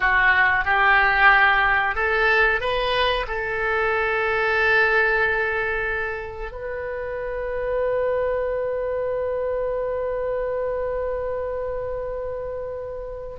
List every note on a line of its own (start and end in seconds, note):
0.00 0.65 F#4
0.65 1.95 G4
1.95 2.60 A4
2.60 3.25 B4
3.27 6.51 A4
6.51 13.36 B4